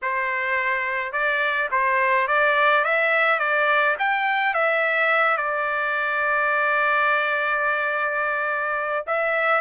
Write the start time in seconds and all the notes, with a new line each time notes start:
0.02 C5
1.12 D5
1.71 C5
2.27 D5
2.84 E5
3.39 D5
3.98 G5
4.54 E5
5.37 D5
9.06 E5